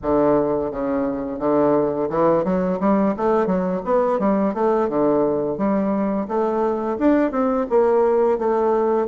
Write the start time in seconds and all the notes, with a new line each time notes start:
0.02 D3
0.71 C#3
1.39 D3
2.09 E3
2.44 F#3
2.79 G3
3.16 A3
3.46 F#3
3.84 B3
4.19 G3
4.54 A3
4.88 D3
5.57 G3
6.28 A3
6.98 D4
7.31 C4
7.69 A#3
8.38 A3